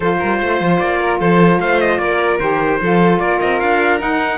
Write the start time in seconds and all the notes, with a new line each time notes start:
0.00 F3 F4 A4 C5
0.19 G3 A#4
0.39 A3 C5
0.60 F3
0.78 A#3 D5
0.99 A#4
1.19 F3 A4 C5
1.59 A3 C5 F5
1.80 D#5
1.98 A#3 A#4 D5
2.39 D#3 G4 C5
2.80 F3 F4 A4
3.19 A#3 A#4 D5
3.40 C4 D#5
3.59 D4 F5
3.98 D#4 F#5